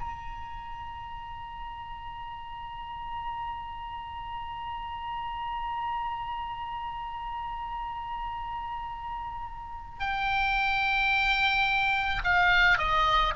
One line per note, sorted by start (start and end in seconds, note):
0.00 9.99 A#5
9.99 12.22 G5
12.24 12.78 F5
12.78 13.34 D#5